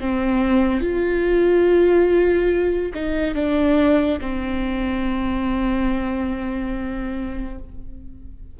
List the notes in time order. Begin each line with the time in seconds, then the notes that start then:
0.00 C4
0.81 F4
2.94 D#4
3.34 D4
4.20 C4